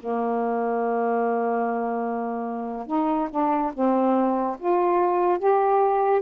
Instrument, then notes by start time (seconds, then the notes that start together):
saxophone
0.00 A#3
2.87 D#4
3.30 D4
3.74 C4
4.59 F4
5.39 G4